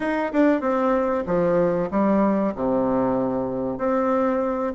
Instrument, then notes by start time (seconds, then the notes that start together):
bassoon
0.00 D#4
0.32 D4
0.60 C4
1.26 F3
1.91 G3
2.55 C3
3.78 C4